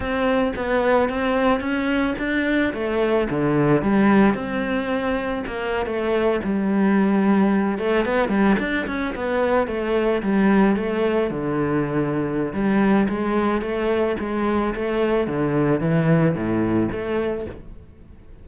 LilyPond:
\new Staff \with { instrumentName = "cello" } { \time 4/4 \tempo 4 = 110 c'4 b4 c'4 cis'4 | d'4 a4 d4 g4 | c'2 ais8. a4 g16~ | g2~ g16 a8 b8 g8 d'16~ |
d'16 cis'8 b4 a4 g4 a16~ | a8. d2~ d16 g4 | gis4 a4 gis4 a4 | d4 e4 a,4 a4 | }